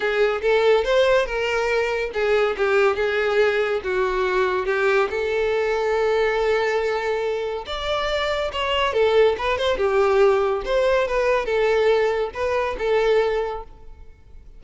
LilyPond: \new Staff \with { instrumentName = "violin" } { \time 4/4 \tempo 4 = 141 gis'4 a'4 c''4 ais'4~ | ais'4 gis'4 g'4 gis'4~ | gis'4 fis'2 g'4 | a'1~ |
a'2 d''2 | cis''4 a'4 b'8 c''8 g'4~ | g'4 c''4 b'4 a'4~ | a'4 b'4 a'2 | }